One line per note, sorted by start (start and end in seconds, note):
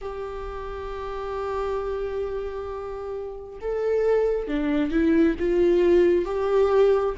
0.01 3.59 G4
3.61 4.47 A4
4.47 4.90 D4
4.90 5.35 E4
5.39 6.25 F4
6.25 7.14 G4